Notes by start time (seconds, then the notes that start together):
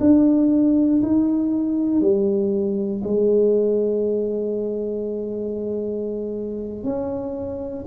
0.00 D4
1.02 D#4
2.01 G3
3.04 G#3
6.83 C#4